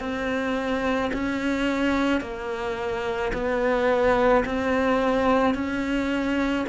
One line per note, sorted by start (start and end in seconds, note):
0.00 1.11 C4
1.13 2.20 C#4
2.20 3.31 A#3
3.33 4.44 B3
4.45 5.54 C4
5.54 6.65 C#4